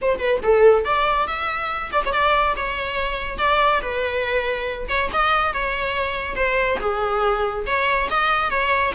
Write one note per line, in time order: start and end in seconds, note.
0.01 0.18 C5
0.18 0.40 B4
0.43 0.84 A4
0.84 1.27 D5
1.27 1.91 E5
1.91 2.02 D5
2.05 2.12 C#5
2.12 2.55 D5
2.56 3.38 C#5
3.38 3.80 D5
3.81 4.87 B4
4.88 5.09 C#5
5.12 5.53 D#5
5.53 6.35 C#5
6.35 6.78 C5
6.80 7.65 G#4
7.66 8.09 C#5
8.10 8.50 D#5
8.50 8.92 C#5